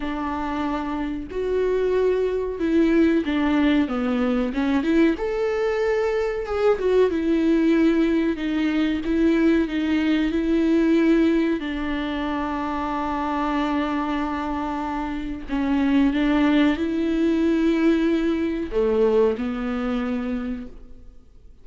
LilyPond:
\new Staff \with { instrumentName = "viola" } { \time 4/4 \tempo 4 = 93 d'2 fis'2 | e'4 d'4 b4 cis'8 e'8 | a'2 gis'8 fis'8 e'4~ | e'4 dis'4 e'4 dis'4 |
e'2 d'2~ | d'1 | cis'4 d'4 e'2~ | e'4 a4 b2 | }